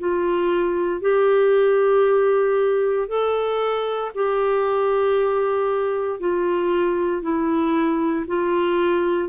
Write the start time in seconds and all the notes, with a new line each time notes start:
0.00 F4
1.02 G4
3.08 A4
4.15 G4
6.21 F4
7.23 E4
8.28 F4